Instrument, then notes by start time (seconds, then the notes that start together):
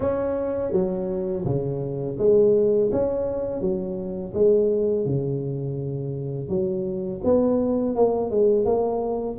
tuba
0.00 C#4
0.72 F#3
1.44 C#3
2.18 G#3
2.91 C#4
3.60 F#3
4.34 G#3
5.05 C#3
6.48 F#3
7.24 B3
7.95 A#3
8.30 G#3
8.65 A#3